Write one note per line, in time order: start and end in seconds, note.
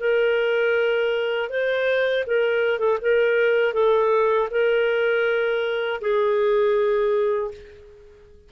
0.00 1.50 A#4
1.50 2.25 C5
2.27 2.79 A#4
2.79 2.98 A4
3.02 3.74 A#4
3.74 4.49 A4
4.51 6.01 A#4
6.01 7.51 G#4